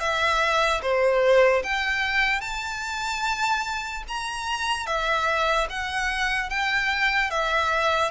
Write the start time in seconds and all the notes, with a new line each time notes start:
0.00 E5
0.82 C5
1.63 G5
2.41 A5
4.08 A#5
4.86 E5
5.70 F#5
6.49 G5
7.30 E5